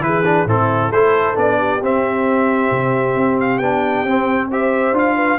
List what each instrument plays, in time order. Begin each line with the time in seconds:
0.00 tuba E3, trombone E4, horn G#4, trumpet B4
0.25 trombone D4
0.45 tuba A2, trombone C4, horn E4, trumpet A4
0.91 tuba A3, trombone E4, horn A4, trumpet C5
1.35 tuba B3, trombone D4, trumpet D5
1.58 horn G4
1.81 tuba C4, trombone C4, trumpet E5
2.71 tuba C3
3.16 tuba C4
3.40 trumpet F5
3.58 tuba B3, trombone D4, trumpet G5
4.03 tuba C4, trombone C4
4.50 trombone G4, horn C5, trumpet E5
4.92 tuba D4, trombone F4, trumpet F5
5.16 horn B4